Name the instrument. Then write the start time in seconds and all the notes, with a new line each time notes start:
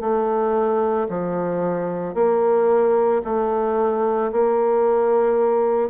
bassoon
0.00 A3
1.09 F3
2.14 A#3
3.24 A3
4.32 A#3